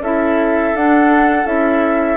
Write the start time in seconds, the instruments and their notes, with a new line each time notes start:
0.00 bassoon C#4, clarinet E4, oboe A4, flute E5
0.74 bassoon D4, clarinet D4, flute F#5
1.45 bassoon C#4, clarinet E4, flute E5